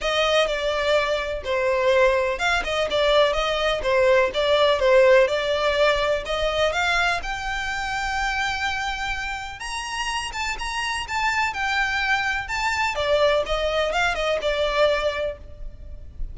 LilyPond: \new Staff \with { instrumentName = "violin" } { \time 4/4 \tempo 4 = 125 dis''4 d''2 c''4~ | c''4 f''8 dis''8 d''4 dis''4 | c''4 d''4 c''4 d''4~ | d''4 dis''4 f''4 g''4~ |
g''1 | ais''4. a''8 ais''4 a''4 | g''2 a''4 d''4 | dis''4 f''8 dis''8 d''2 | }